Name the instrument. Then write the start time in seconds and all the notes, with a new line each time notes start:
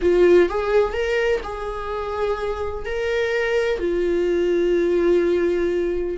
viola
0.01 F4
0.49 G#4
0.93 A#4
1.43 G#4
2.85 A#4
3.79 F4